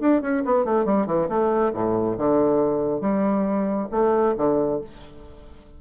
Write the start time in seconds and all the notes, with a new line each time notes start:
0.00 D4
0.22 C#4
0.45 B3
0.65 A3
0.85 G3
1.06 E3
1.29 A3
1.74 A2
2.18 D3
3.01 G3
3.91 A3
4.37 D3